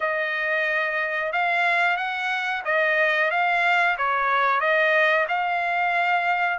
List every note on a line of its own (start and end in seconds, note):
0.00 1.32 D#5
1.32 1.97 F5
1.97 2.63 F#5
2.64 3.30 D#5
3.30 3.96 F5
3.97 4.60 C#5
4.60 5.26 D#5
5.28 6.58 F5